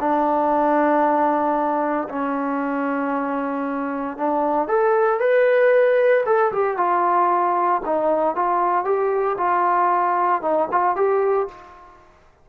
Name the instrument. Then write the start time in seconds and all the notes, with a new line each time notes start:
trombone
0.00 D4
2.09 C#4
4.18 D4
4.68 A4
5.20 B4
6.26 A4
6.53 G4
6.77 F4
7.86 D#4
8.36 F4
8.85 G4
9.38 F4
10.42 D#4
10.72 F4
10.96 G4